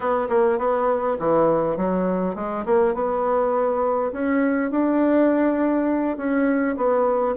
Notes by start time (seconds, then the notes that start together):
0.00 B3
0.29 A#3
0.58 B3
1.19 E3
1.76 F#3
2.35 G#3
2.65 A#3
2.94 B3
4.12 C#4
4.71 D4
6.17 C#4
6.76 B3